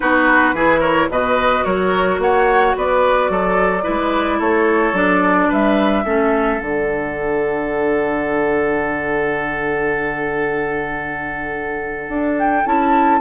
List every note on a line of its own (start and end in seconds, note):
0.00 0.53 B3
0.00 0.54 D#4
0.00 0.55 F#4
0.00 0.81 B4
0.53 1.08 E3
0.53 1.11 E4
0.53 0.80 G#4
0.80 1.07 A#4
0.80 1.08 C#5
1.09 1.64 B2
1.09 3.83 F#4
1.09 1.65 B4
1.09 1.65 D#5
1.65 2.18 F#3
1.65 2.20 A#4
1.65 2.20 C#5
2.18 2.73 A#3
2.18 2.76 C#5
2.18 2.76 F#5
2.76 3.29 B3
2.76 3.31 B4
2.76 4.41 D5
3.29 3.84 F#3
3.29 3.83 A4
3.83 4.40 G#3
3.83 4.93 E4
3.83 4.38 B4
4.38 4.92 A3
4.38 5.48 A4
4.38 4.96 C#5
4.92 5.47 F#3
4.92 6.04 D4
4.92 5.51 D5
5.49 6.05 G3
5.49 6.04 B4
5.49 6.60 E5
6.05 6.60 A3
6.05 6.60 C#4
6.05 13.20 A4
6.60 12.08 D3
6.60 12.65 D4
6.60 12.38 F#5
12.08 12.63 D4
12.38 12.66 G5
12.65 13.20 C#4
12.65 13.20 E4
12.65 13.20 A5